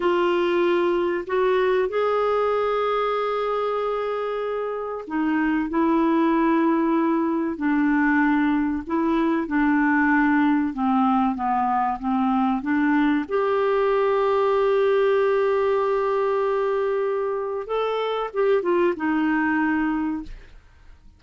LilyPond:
\new Staff \with { instrumentName = "clarinet" } { \time 4/4 \tempo 4 = 95 f'2 fis'4 gis'4~ | gis'1 | dis'4 e'2. | d'2 e'4 d'4~ |
d'4 c'4 b4 c'4 | d'4 g'2.~ | g'1 | a'4 g'8 f'8 dis'2 | }